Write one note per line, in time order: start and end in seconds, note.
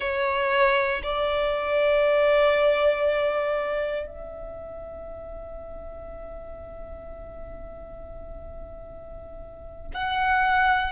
0.00 1.02 C#5
1.03 4.07 D5
4.07 9.92 E5
9.93 10.92 F#5